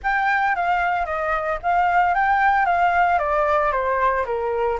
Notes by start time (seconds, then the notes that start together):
0.03 G5
0.55 F5
1.05 D#5
1.62 F5
2.14 G5
2.65 F5
3.19 D5
3.72 C5
4.25 A#4